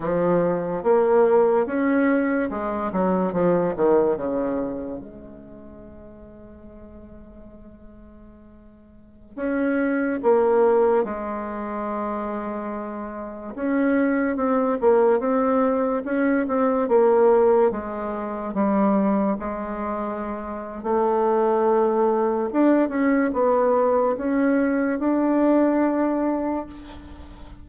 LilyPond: \new Staff \with { instrumentName = "bassoon" } { \time 4/4 \tempo 4 = 72 f4 ais4 cis'4 gis8 fis8 | f8 dis8 cis4 gis2~ | gis2.~ gis16 cis'8.~ | cis'16 ais4 gis2~ gis8.~ |
gis16 cis'4 c'8 ais8 c'4 cis'8 c'16~ | c'16 ais4 gis4 g4 gis8.~ | gis4 a2 d'8 cis'8 | b4 cis'4 d'2 | }